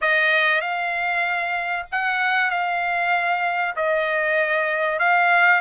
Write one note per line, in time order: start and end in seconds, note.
0.01 0.61 D#5
0.61 1.86 F5
1.91 2.50 F#5
2.50 3.75 F5
3.76 4.99 D#5
4.99 5.61 F5